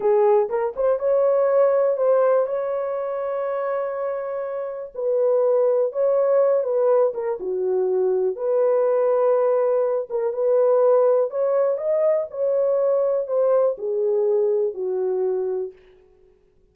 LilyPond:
\new Staff \with { instrumentName = "horn" } { \time 4/4 \tempo 4 = 122 gis'4 ais'8 c''8 cis''2 | c''4 cis''2.~ | cis''2 b'2 | cis''4. b'4 ais'8 fis'4~ |
fis'4 b'2.~ | b'8 ais'8 b'2 cis''4 | dis''4 cis''2 c''4 | gis'2 fis'2 | }